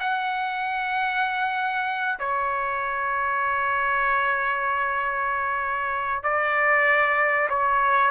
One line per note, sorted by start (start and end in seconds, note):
0.00 2.19 F#5
2.19 6.23 C#5
6.23 7.48 D5
7.49 8.11 C#5